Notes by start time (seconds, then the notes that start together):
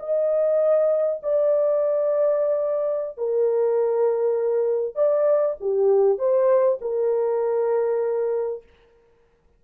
0.00 D#5
1.23 D5
3.18 A#4
4.96 D5
5.61 G4
6.18 C5
6.82 A#4